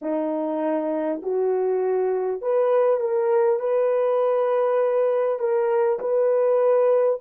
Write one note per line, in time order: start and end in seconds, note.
0.01 1.21 D#4
1.22 2.41 F#4
2.41 3.00 B4
3.00 3.59 A#4
3.59 5.39 B4
5.39 5.99 A#4
5.99 7.19 B4